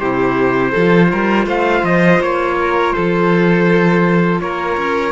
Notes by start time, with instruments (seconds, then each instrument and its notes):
0.00 cello C3, clarinet E4, violin G4, trumpet C5
0.72 cello F3, clarinet F4, violin A4
1.12 cello G3, violin A#4
1.46 cello A3, violin C5, trumpet F5
1.83 cello F3, trumpet D#5
2.20 cello A#3, trumpet C#5
2.60 violin A#4
2.94 cello F3, violin A4, trumpet C5
4.41 cello A#3, violin A#4, trumpet C#5
4.78 cello C#4